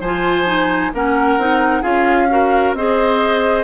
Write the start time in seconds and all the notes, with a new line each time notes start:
0.00 F3 F4 C5 G#5
0.46 D#4
0.93 A#3 C#4 A#4 F#5
1.37 C4 D#4
1.82 C#4 F4 G#4 F5
2.30 F#4 A#4
2.73 C4 G#4 C5 D#5